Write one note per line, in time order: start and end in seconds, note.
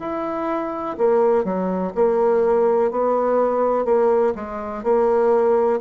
0.00 0.97 E4
0.98 1.44 A#3
1.44 1.93 F#3
1.95 2.91 A#3
2.91 3.85 B3
3.85 4.34 A#3
4.35 4.84 G#3
4.84 5.81 A#3